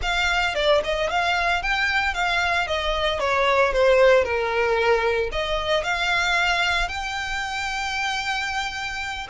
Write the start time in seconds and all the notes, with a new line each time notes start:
0.02 F5
0.54 D5
0.84 D#5
1.09 F5
1.62 G5
2.14 F5
2.67 D#5
3.19 C#5
3.72 C5
4.23 A#4
5.32 D#5
5.83 F5
6.88 G5